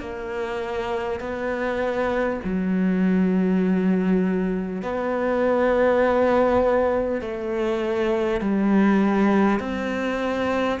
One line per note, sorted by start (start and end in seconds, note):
0.00 1.19 A#3
1.19 2.39 B3
2.43 4.82 F#3
4.82 7.21 B3
7.21 8.41 A3
8.41 9.59 G3
9.59 10.79 C4